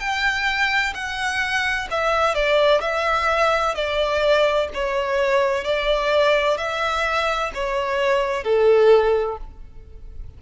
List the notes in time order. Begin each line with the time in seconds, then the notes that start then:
0.00 G5
0.94 F#5
1.91 E5
2.35 D5
2.81 E5
3.75 D5
4.74 C#5
5.65 D5
6.58 E5
7.54 C#5
8.44 A4